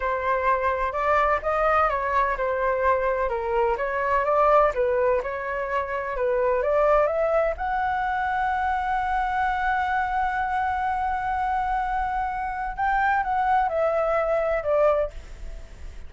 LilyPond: \new Staff \with { instrumentName = "flute" } { \time 4/4 \tempo 4 = 127 c''2 d''4 dis''4 | cis''4 c''2 ais'4 | cis''4 d''4 b'4 cis''4~ | cis''4 b'4 d''4 e''4 |
fis''1~ | fis''1~ | fis''2. g''4 | fis''4 e''2 d''4 | }